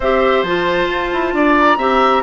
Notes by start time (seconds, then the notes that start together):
0.00 C4 G4 C5 E5
0.42 F3 F4 A5
0.87 F4
1.12 E4
1.33 D4 D5
1.58 A#5
1.77 C4 G4 E5